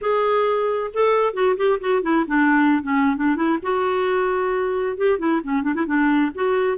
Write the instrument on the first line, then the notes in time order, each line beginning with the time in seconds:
clarinet
0.01 G#4
0.93 A4
1.33 F#4
1.56 G4
1.80 F#4
2.02 E4
2.27 D4
2.82 C#4
3.16 D4
3.35 E4
3.62 F#4
4.97 G4
5.18 E4
5.43 C#4
5.62 D4
5.74 E4
5.86 D4
6.34 F#4